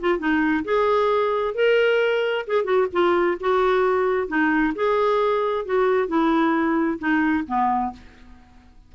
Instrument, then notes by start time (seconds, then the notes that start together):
clarinet
0.00 F4
0.18 D#4
0.64 G#4
1.55 A#4
2.47 G#4
2.64 F#4
2.92 F4
3.40 F#4
4.28 D#4
4.75 G#4
5.65 F#4
6.08 E4
6.99 D#4
7.47 B3